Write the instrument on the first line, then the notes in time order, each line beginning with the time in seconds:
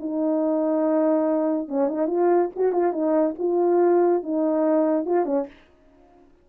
horn
0.00 D#4
1.68 C#4
1.89 D#4
2.08 F4
2.56 F#4
2.73 F4
2.93 D#4
3.39 F4
4.23 D#4
5.06 F4
5.26 C#4